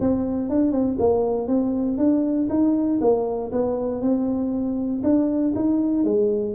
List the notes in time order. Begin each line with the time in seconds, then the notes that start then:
0.00 C4
0.49 D4
0.72 C4
0.99 A#3
1.47 C4
1.98 D4
2.49 D#4
3.01 A#3
3.52 B3
4.01 C4
5.03 D4
5.55 D#4
6.04 G#3